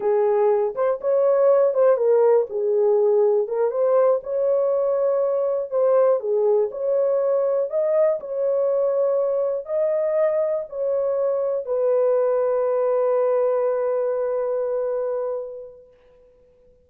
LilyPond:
\new Staff \with { instrumentName = "horn" } { \time 4/4 \tempo 4 = 121 gis'4. c''8 cis''4. c''8 | ais'4 gis'2 ais'8 c''8~ | c''8 cis''2. c''8~ | c''8 gis'4 cis''2 dis''8~ |
dis''8 cis''2. dis''8~ | dis''4. cis''2 b'8~ | b'1~ | b'1 | }